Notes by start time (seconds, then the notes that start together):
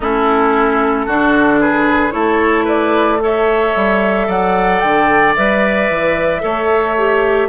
0.00 A3 C#4 E4 A4
1.06 D3 D4 F#4
1.60 G#4 B4
2.11 A3 E4 A4 C#5
2.64 B4 D5
3.20 A4 C#5 E5
3.75 G3
4.27 F#3 D5 F#5
4.79 D3 G5
5.35 G3 B4 E5
5.89 E3
6.40 A3 A4 C#5
6.97 G4